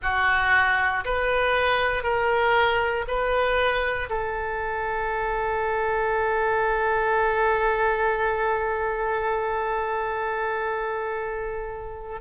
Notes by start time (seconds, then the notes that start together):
0.02 F#4
1.04 B4
2.03 A#4
3.07 B4
4.09 A4